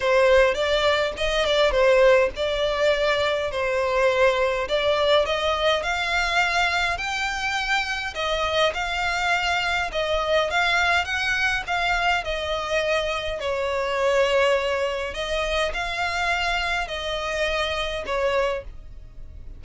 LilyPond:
\new Staff \with { instrumentName = "violin" } { \time 4/4 \tempo 4 = 103 c''4 d''4 dis''8 d''8 c''4 | d''2 c''2 | d''4 dis''4 f''2 | g''2 dis''4 f''4~ |
f''4 dis''4 f''4 fis''4 | f''4 dis''2 cis''4~ | cis''2 dis''4 f''4~ | f''4 dis''2 cis''4 | }